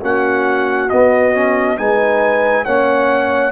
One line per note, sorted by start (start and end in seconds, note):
0.00 0.90 A#3
0.00 0.88 C#4
0.00 1.78 F#4
0.00 0.89 F#5
0.89 1.33 B3
0.89 1.78 B3
0.89 1.77 D#5
1.33 1.77 C#4
1.77 2.66 G#3
1.77 2.65 D#4
1.77 2.64 B4
1.77 2.64 G#5
2.64 3.51 A#3
2.64 3.51 C#4
2.64 3.51 C#5
2.64 3.51 F#5